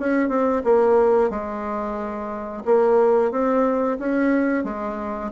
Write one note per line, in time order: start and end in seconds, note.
0.00 0.29 C#4
0.29 0.62 C4
0.65 1.30 A#3
1.30 2.63 G#3
2.65 3.32 A#3
3.32 3.98 C4
3.99 4.64 C#4
4.64 5.31 G#3